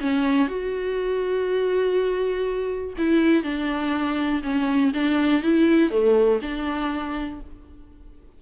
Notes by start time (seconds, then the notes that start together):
0.00 C#4
0.48 F#4
2.98 E4
3.43 D4
4.43 C#4
4.93 D4
5.42 E4
5.90 A3
6.42 D4